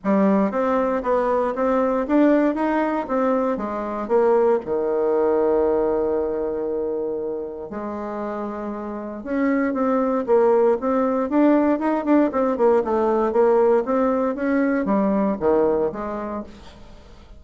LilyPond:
\new Staff \with { instrumentName = "bassoon" } { \time 4/4 \tempo 4 = 117 g4 c'4 b4 c'4 | d'4 dis'4 c'4 gis4 | ais4 dis2.~ | dis2. gis4~ |
gis2 cis'4 c'4 | ais4 c'4 d'4 dis'8 d'8 | c'8 ais8 a4 ais4 c'4 | cis'4 g4 dis4 gis4 | }